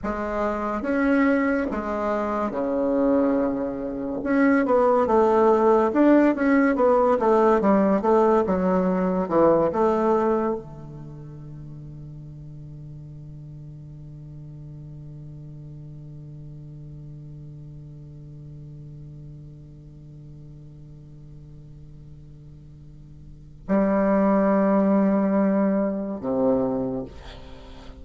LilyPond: \new Staff \with { instrumentName = "bassoon" } { \time 4/4 \tempo 4 = 71 gis4 cis'4 gis4 cis4~ | cis4 cis'8 b8 a4 d'8 cis'8 | b8 a8 g8 a8 fis4 e8 a8~ | a8 d2.~ d8~ |
d1~ | d1~ | d1 | g2. c4 | }